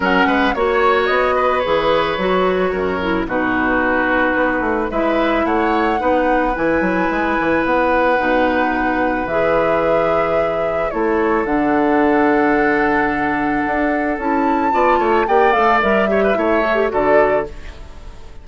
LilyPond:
<<
  \new Staff \with { instrumentName = "flute" } { \time 4/4 \tempo 4 = 110 fis''4 cis''4 dis''4 cis''4~ | cis''2 b'2~ | b'4 e''4 fis''2 | gis''2 fis''2~ |
fis''4 e''2. | cis''4 fis''2.~ | fis''2 a''2 | g''8 f''8 e''2 d''4 | }
  \new Staff \with { instrumentName = "oboe" } { \time 4/4 ais'8 b'8 cis''4. b'4.~ | b'4 ais'4 fis'2~ | fis'4 b'4 cis''4 b'4~ | b'1~ |
b'1 | a'1~ | a'2. d''8 cis''8 | d''4. cis''16 b'16 cis''4 a'4 | }
  \new Staff \with { instrumentName = "clarinet" } { \time 4/4 cis'4 fis'2 gis'4 | fis'4. e'8 dis'2~ | dis'4 e'2 dis'4 | e'2. dis'4~ |
dis'4 gis'2. | e'4 d'2.~ | d'2 e'4 f'4 | g'8 a'8 ais'8 g'8 e'8 a'16 g'16 fis'4 | }
  \new Staff \with { instrumentName = "bassoon" } { \time 4/4 fis8 gis8 ais4 b4 e4 | fis4 fis,4 b,2 | b8 a8 gis4 a4 b4 | e8 fis8 gis8 e8 b4 b,4~ |
b,4 e2. | a4 d2.~ | d4 d'4 cis'4 b8 a8 | ais8 a8 g4 a4 d4 | }
>>